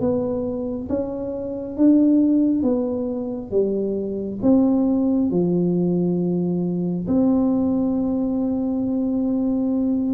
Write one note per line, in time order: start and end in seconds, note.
0.00 0.88 B3
0.89 1.77 C#4
1.77 2.63 D4
2.63 3.51 B3
3.51 4.39 G3
4.42 5.31 C4
5.31 7.07 F3
7.07 10.14 C4